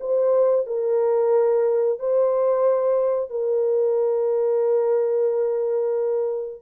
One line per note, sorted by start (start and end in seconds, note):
0.00 0.66 C5
0.66 1.99 A#4
1.99 3.30 C5
3.30 6.62 A#4